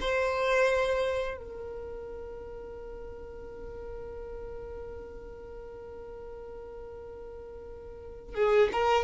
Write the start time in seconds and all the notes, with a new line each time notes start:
0.00 C5
1.37 A#4
8.34 G#4
8.72 A#4